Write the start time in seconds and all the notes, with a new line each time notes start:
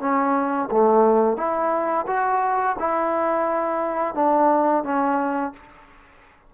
0.00 C#4
0.71 A3
1.37 E4
2.07 F#4
2.79 E4
4.14 D4
4.84 C#4